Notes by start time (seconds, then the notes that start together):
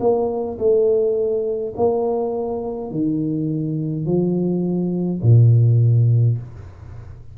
0.00 A#3
0.58 A3
1.76 A#3
2.91 D#3
4.06 F3
5.22 A#2